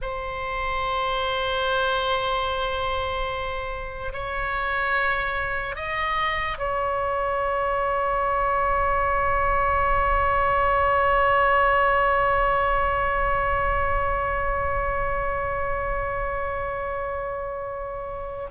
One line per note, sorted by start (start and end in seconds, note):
0.01 4.12 C5
4.12 5.75 C#5
5.75 6.58 D#5
6.58 18.49 C#5